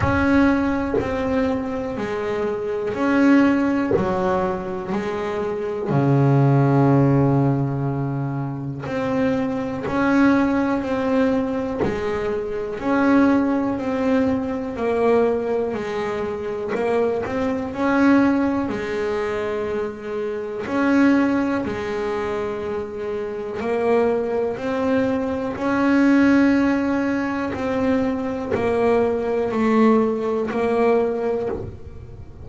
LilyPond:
\new Staff \with { instrumentName = "double bass" } { \time 4/4 \tempo 4 = 61 cis'4 c'4 gis4 cis'4 | fis4 gis4 cis2~ | cis4 c'4 cis'4 c'4 | gis4 cis'4 c'4 ais4 |
gis4 ais8 c'8 cis'4 gis4~ | gis4 cis'4 gis2 | ais4 c'4 cis'2 | c'4 ais4 a4 ais4 | }